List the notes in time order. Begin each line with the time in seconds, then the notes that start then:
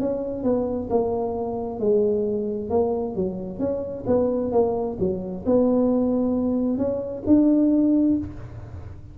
0.00 C#4
0.44 B3
0.90 A#3
1.79 G#3
2.70 A#3
3.15 F#3
3.59 C#4
4.07 B3
4.52 A#3
4.99 F#3
5.46 B3
6.78 C#4
7.26 D4